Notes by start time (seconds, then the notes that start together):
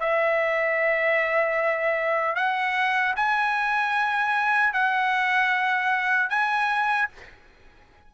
0.00 E5
2.35 F#5
3.16 G#5
4.73 F#5
6.29 G#5